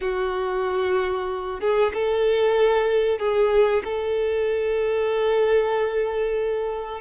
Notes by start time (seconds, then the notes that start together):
0.00 F#4
1.60 G#4
1.93 A4
3.19 G#4
3.84 A4